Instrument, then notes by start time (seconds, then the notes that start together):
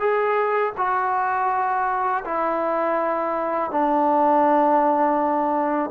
trombone
0.00 G#4
0.77 F#4
2.25 E4
3.71 D4